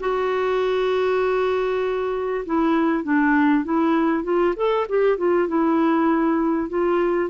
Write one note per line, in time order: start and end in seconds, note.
0.00 2.45 F#4
2.45 3.04 E4
3.04 3.65 D4
3.65 4.24 E4
4.24 4.54 F4
4.56 4.87 A4
4.89 5.18 G4
5.18 5.48 F4
5.48 6.69 E4
6.69 7.30 F4